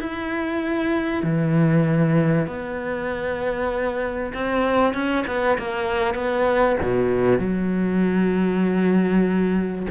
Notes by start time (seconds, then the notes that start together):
0.00 E4
1.23 E3
2.47 B3
4.34 C4
4.94 C#4
5.27 B3
5.59 A#3
6.15 B3
6.82 B2
7.39 F#3